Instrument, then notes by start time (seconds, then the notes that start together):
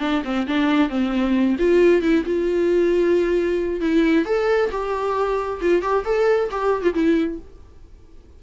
viola
0.00 D4
0.24 C4
0.47 D4
0.89 C4
1.59 F4
2.02 E4
2.25 F4
3.81 E4
4.25 A4
4.71 G4
5.61 F4
5.82 G4
6.04 A4
6.51 G4
6.82 F4
6.94 E4